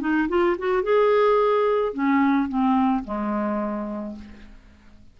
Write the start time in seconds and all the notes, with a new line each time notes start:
0.00 D#4
0.28 F4
0.58 F#4
0.83 G#4
1.93 C#4
2.48 C4
3.04 G#3